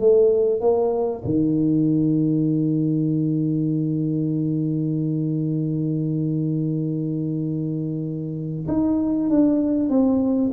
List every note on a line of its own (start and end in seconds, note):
0.00 0.61 A3
0.61 1.22 A#3
1.25 8.67 D#3
8.68 9.30 D#4
9.30 9.89 D4
9.89 10.51 C4